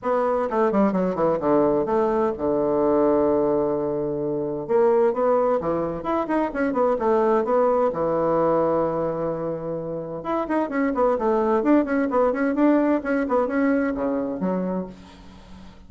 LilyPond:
\new Staff \with { instrumentName = "bassoon" } { \time 4/4 \tempo 4 = 129 b4 a8 g8 fis8 e8 d4 | a4 d2.~ | d2 ais4 b4 | e4 e'8 dis'8 cis'8 b8 a4 |
b4 e2.~ | e2 e'8 dis'8 cis'8 b8 | a4 d'8 cis'8 b8 cis'8 d'4 | cis'8 b8 cis'4 cis4 fis4 | }